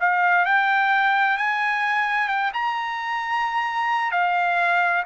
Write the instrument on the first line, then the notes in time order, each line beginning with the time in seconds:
trumpet
0.00 F5
0.45 G5
1.37 G#5
2.28 G5
2.53 A#5
4.11 F5